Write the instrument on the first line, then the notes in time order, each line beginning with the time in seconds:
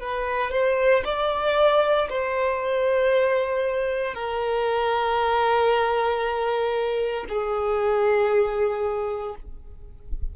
violin
0.00 B4
0.51 C5
1.05 D5
2.09 C5
4.14 A#4
7.28 G#4